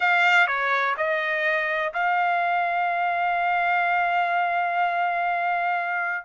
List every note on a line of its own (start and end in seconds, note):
0.00 0.47 F5
0.47 0.95 C#5
0.97 1.93 D#5
1.93 6.25 F5